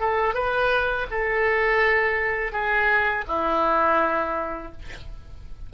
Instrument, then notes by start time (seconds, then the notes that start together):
oboe
0.00 A4
0.35 B4
1.11 A4
2.52 G#4
3.28 E4